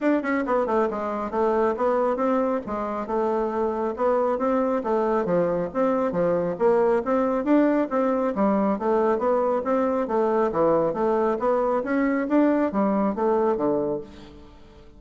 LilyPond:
\new Staff \with { instrumentName = "bassoon" } { \time 4/4 \tempo 4 = 137 d'8 cis'8 b8 a8 gis4 a4 | b4 c'4 gis4 a4~ | a4 b4 c'4 a4 | f4 c'4 f4 ais4 |
c'4 d'4 c'4 g4 | a4 b4 c'4 a4 | e4 a4 b4 cis'4 | d'4 g4 a4 d4 | }